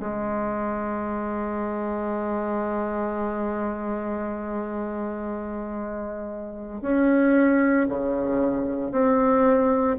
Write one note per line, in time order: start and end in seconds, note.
0.00 6.82 G#3
6.82 7.87 C#4
7.89 8.92 C#3
8.92 9.97 C4